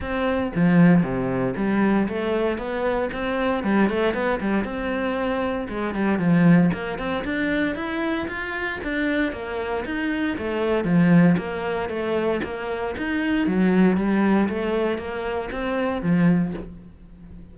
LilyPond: \new Staff \with { instrumentName = "cello" } { \time 4/4 \tempo 4 = 116 c'4 f4 c4 g4 | a4 b4 c'4 g8 a8 | b8 g8 c'2 gis8 g8 | f4 ais8 c'8 d'4 e'4 |
f'4 d'4 ais4 dis'4 | a4 f4 ais4 a4 | ais4 dis'4 fis4 g4 | a4 ais4 c'4 f4 | }